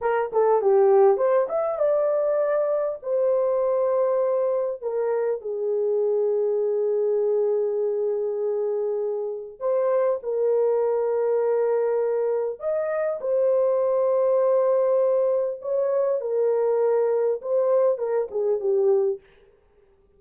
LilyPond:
\new Staff \with { instrumentName = "horn" } { \time 4/4 \tempo 4 = 100 ais'8 a'8 g'4 c''8 e''8 d''4~ | d''4 c''2. | ais'4 gis'2.~ | gis'1 |
c''4 ais'2.~ | ais'4 dis''4 c''2~ | c''2 cis''4 ais'4~ | ais'4 c''4 ais'8 gis'8 g'4 | }